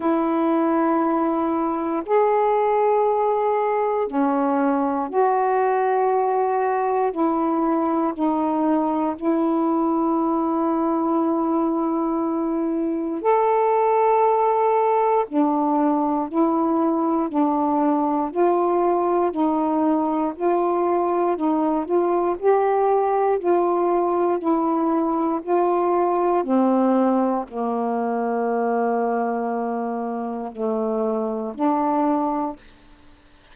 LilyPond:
\new Staff \with { instrumentName = "saxophone" } { \time 4/4 \tempo 4 = 59 e'2 gis'2 | cis'4 fis'2 e'4 | dis'4 e'2.~ | e'4 a'2 d'4 |
e'4 d'4 f'4 dis'4 | f'4 dis'8 f'8 g'4 f'4 | e'4 f'4 c'4 ais4~ | ais2 a4 d'4 | }